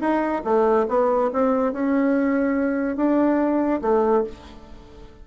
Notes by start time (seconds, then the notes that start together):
0.00 D#4
0.44 A3
0.88 B3
1.33 C4
1.72 C#4
2.96 D4
3.81 A3